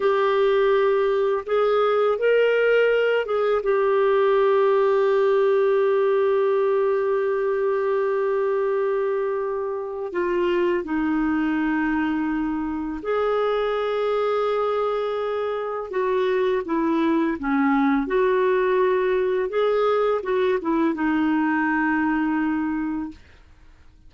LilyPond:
\new Staff \with { instrumentName = "clarinet" } { \time 4/4 \tempo 4 = 83 g'2 gis'4 ais'4~ | ais'8 gis'8 g'2.~ | g'1~ | g'2 f'4 dis'4~ |
dis'2 gis'2~ | gis'2 fis'4 e'4 | cis'4 fis'2 gis'4 | fis'8 e'8 dis'2. | }